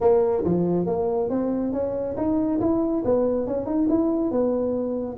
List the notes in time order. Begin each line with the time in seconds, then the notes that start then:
0.00 A#3
0.44 F3
0.86 A#3
1.29 C4
1.72 C#4
2.16 D#4
2.60 E4
3.05 B3
3.46 C#4
3.66 D#4
3.89 E4
4.31 B3